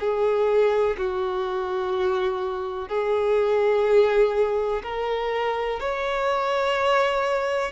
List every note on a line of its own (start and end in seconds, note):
0.00 0.97 G#4
0.98 2.89 F#4
2.89 4.83 G#4
4.83 5.80 A#4
5.80 7.72 C#5